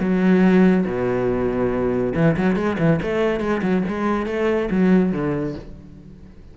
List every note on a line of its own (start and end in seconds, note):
0.00 0.85 F#3
0.86 2.14 B2
2.15 2.36 E3
2.37 2.56 F#3
2.56 2.77 G#3
2.79 3.00 E3
3.02 3.40 A3
3.40 3.62 G#3
3.62 3.84 F#3
3.88 4.26 G#3
4.26 4.69 A3
4.71 5.12 F#3
5.12 5.55 D3